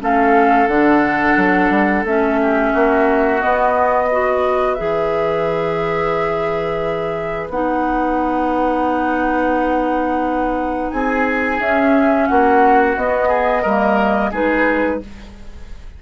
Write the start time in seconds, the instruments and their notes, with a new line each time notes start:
0.00 bassoon A3, clarinet C#4, oboe A4, flute F5
0.67 bassoon D3, clarinet D4, flute F#5
1.36 bassoon F#3
1.70 bassoon G3
2.03 bassoon A3, clarinet C#4, flute E5
2.41 oboe G4
2.72 bassoon A#3, oboe F#4
3.40 clarinet B3, bassoon B3, flute D#5
4.08 clarinet F#4, oboe B4
4.74 bassoon E3, clarinet G#4, flute E5
7.49 bassoon B3, clarinet D#4, flute F#5
10.91 bassoon C4, oboe G#4, flute G#5
11.59 bassoon C#4, clarinet C#4, flute E5
12.27 bassoon A#3, oboe F#4, flute F#5
12.96 bassoon B3, clarinet B3, flute D#5
13.28 oboe G#4
13.62 bassoon G3, clarinet A#3, oboe A#4
14.31 bassoon G#3, clarinet D#4, oboe G#4, flute B4